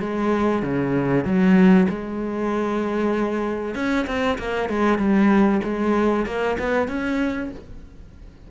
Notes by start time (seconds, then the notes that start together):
0.00 G#3
0.62 C#3
1.24 F#3
1.89 G#3
3.75 C#4
4.07 C4
4.38 A#3
4.69 G#3
4.98 G3
5.64 G#3
6.26 A#3
6.59 B3
6.88 C#4